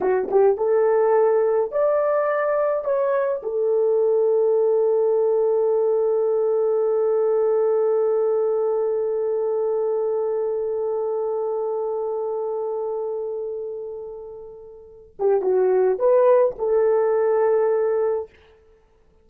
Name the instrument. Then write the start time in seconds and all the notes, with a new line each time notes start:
horn
0.00 F#4
0.30 G4
0.57 A4
1.71 D5
2.84 C#5
3.43 A4
15.19 G4
15.41 F#4
15.98 B4
16.58 A4